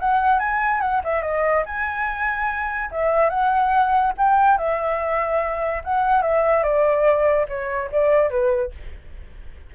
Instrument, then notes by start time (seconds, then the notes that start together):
flute
0.00 F#5
0.40 G#5
0.81 F#5
1.05 E5
1.23 D#5
1.66 G#5
2.92 E5
3.30 F#5
4.18 G5
4.58 E5
5.84 F#5
6.23 E5
6.64 D5
7.49 C#5
7.92 D5
8.30 B4